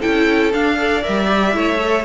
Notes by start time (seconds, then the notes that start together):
0.00 E4 A4 G5
0.06 C#4
0.53 D4 F5
0.78 A4 D5
1.04 G3 A#4 E5
1.27 G4
1.53 A3 E4 C#5
1.80 A4